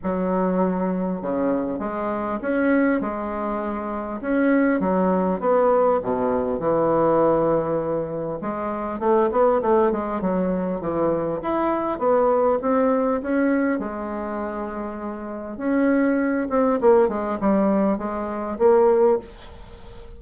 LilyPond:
\new Staff \with { instrumentName = "bassoon" } { \time 4/4 \tempo 4 = 100 fis2 cis4 gis4 | cis'4 gis2 cis'4 | fis4 b4 b,4 e4~ | e2 gis4 a8 b8 |
a8 gis8 fis4 e4 e'4 | b4 c'4 cis'4 gis4~ | gis2 cis'4. c'8 | ais8 gis8 g4 gis4 ais4 | }